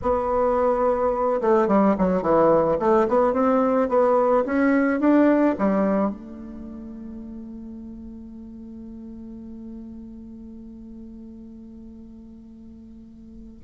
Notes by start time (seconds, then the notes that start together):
0.02 B3
1.41 A3
1.67 G3
1.97 F#3
2.22 E3
2.79 A3
3.07 B3
3.33 C4
3.89 B3
4.45 C#4
4.99 D4
5.58 G3
6.10 A3